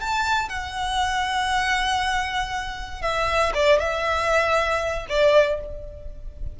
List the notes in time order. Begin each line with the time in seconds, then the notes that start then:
0.00 A5
0.49 F#5
3.02 E5
3.54 D5
3.79 E5
5.09 D5